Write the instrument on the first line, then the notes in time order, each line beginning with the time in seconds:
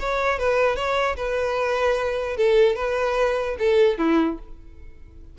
violin
0.00 C#5
0.39 B4
0.76 C#5
1.17 B4
2.37 A4
2.76 B4
3.59 A4
3.98 E4